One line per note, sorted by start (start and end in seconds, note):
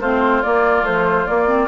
0.00 0.42 A3
0.00 0.43 C4
0.00 1.68 F4
0.00 0.42 C5
0.42 0.86 A#3
0.42 0.83 A#3
0.42 0.84 D5
0.83 1.26 F3
0.83 1.25 A3
0.83 1.26 C5
1.26 1.47 A#3
1.26 1.68 A#3
1.26 1.68 D5
1.47 1.68 C4